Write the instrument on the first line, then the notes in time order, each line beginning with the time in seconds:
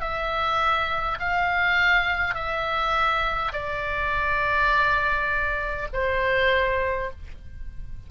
oboe
0.00 E5
1.19 F5
2.34 E5
3.52 D5
5.93 C5